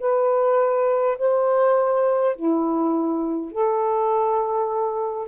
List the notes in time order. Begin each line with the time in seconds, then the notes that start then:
0.00 B4
1.18 C5
2.36 E4
3.51 A4